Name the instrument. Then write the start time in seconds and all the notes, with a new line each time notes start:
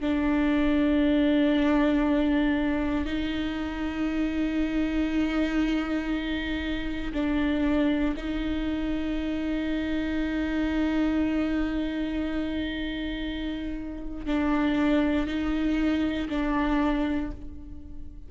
viola
0.00 D4
3.05 D#4
7.13 D4
8.16 D#4
14.26 D4
15.26 D#4
16.29 D4